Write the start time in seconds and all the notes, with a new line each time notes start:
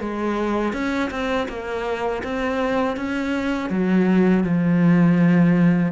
0.00 G#3
0.73 C#4
1.10 C4
1.48 A#3
2.24 C4
2.97 C#4
3.70 F#3
4.44 F3